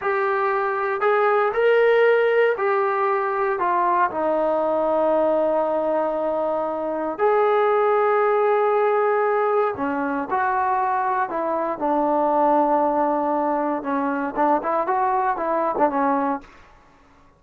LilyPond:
\new Staff \with { instrumentName = "trombone" } { \time 4/4 \tempo 4 = 117 g'2 gis'4 ais'4~ | ais'4 g'2 f'4 | dis'1~ | dis'2 gis'2~ |
gis'2. cis'4 | fis'2 e'4 d'4~ | d'2. cis'4 | d'8 e'8 fis'4 e'8. d'16 cis'4 | }